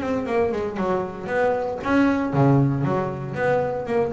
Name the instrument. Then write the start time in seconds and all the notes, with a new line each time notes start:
double bass
0.00 C4
0.26 A#3
0.52 G#3
0.76 F#3
1.27 B3
1.83 C#4
2.33 C#3
2.84 F#3
3.34 B3
3.86 A#3